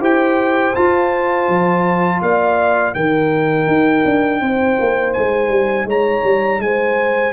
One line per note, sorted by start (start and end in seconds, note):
0.00 0.73 E4
0.00 0.74 G4
0.00 2.20 C5
0.00 0.75 G5
0.75 2.95 F4
0.75 1.48 F4
0.75 2.21 A5
1.48 2.21 F3
2.21 2.94 A#3
2.21 2.95 D5
2.21 2.94 F5
2.94 3.67 D#3
2.94 7.33 D#4
2.94 4.41 A#4
2.94 5.13 G5
3.67 4.03 D#4
4.05 4.41 D4
4.41 4.77 C4
4.41 5.86 C5
4.80 5.16 A#3
5.13 5.49 G#3
5.13 5.86 G#5
5.49 5.85 G3
5.85 6.22 G#3
5.85 6.60 C#5
5.85 6.61 A#5
6.23 6.59 G3
6.59 7.32 G#3
6.59 7.33 C5
6.59 7.33 G#5